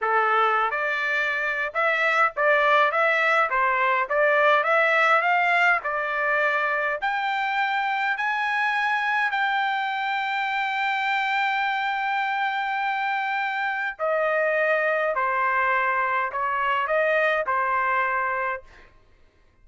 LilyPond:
\new Staff \with { instrumentName = "trumpet" } { \time 4/4 \tempo 4 = 103 a'4~ a'16 d''4.~ d''16 e''4 | d''4 e''4 c''4 d''4 | e''4 f''4 d''2 | g''2 gis''2 |
g''1~ | g''1 | dis''2 c''2 | cis''4 dis''4 c''2 | }